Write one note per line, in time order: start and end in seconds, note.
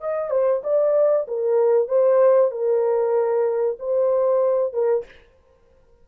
0.00 0.30 D#5
0.30 0.62 C5
0.63 1.26 D5
1.27 1.88 A#4
1.88 2.51 C5
2.51 3.77 A#4
3.79 4.73 C5
4.73 5.05 A#4